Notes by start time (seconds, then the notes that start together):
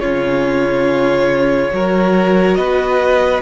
0.00 C#3 C#4 F4 C#5
1.71 F#3 F#4 A#4
2.55 B3 B4 D#5